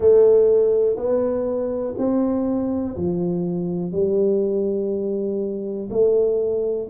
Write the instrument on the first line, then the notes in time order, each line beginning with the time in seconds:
tuba
0.00 A3
0.96 B3
1.97 C4
2.96 F3
3.92 G3
5.90 A3